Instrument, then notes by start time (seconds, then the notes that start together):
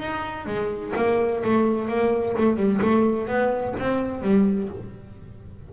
double bass
0.00 D#4
0.47 G#3
0.96 A#3
1.44 A3
1.89 A#3
2.38 A3
2.57 G3
2.82 A3
3.28 B3
3.79 C4
4.22 G3